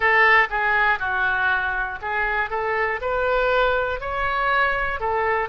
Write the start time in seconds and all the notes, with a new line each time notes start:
0.00 A4
0.50 G#4
0.99 F#4
2.01 G#4
2.50 A4
3.01 B4
4.00 C#5
5.00 A4